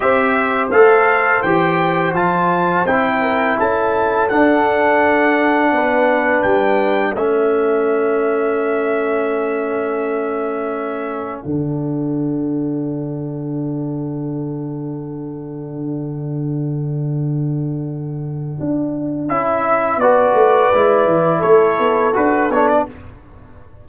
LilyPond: <<
  \new Staff \with { instrumentName = "trumpet" } { \time 4/4 \tempo 4 = 84 e''4 f''4 g''4 a''4 | g''4 a''4 fis''2~ | fis''4 g''4 e''2~ | e''1 |
fis''1~ | fis''1~ | fis''2. e''4 | d''2 cis''4 b'8 cis''16 d''16 | }
  \new Staff \with { instrumentName = "horn" } { \time 4/4 c''1~ | c''8 ais'8 a'2. | b'2 a'2~ | a'1~ |
a'1~ | a'1~ | a'1 | b'2 a'2 | }
  \new Staff \with { instrumentName = "trombone" } { \time 4/4 g'4 a'4 g'4 f'4 | e'2 d'2~ | d'2 cis'2~ | cis'1 |
d'1~ | d'1~ | d'2. e'4 | fis'4 e'2 fis'8 d'8 | }
  \new Staff \with { instrumentName = "tuba" } { \time 4/4 c'4 a4 e4 f4 | c'4 cis'4 d'2 | b4 g4 a2~ | a1 |
d1~ | d1~ | d2 d'4 cis'4 | b8 a8 gis8 e8 a8 b8 d'8 b8 | }
>>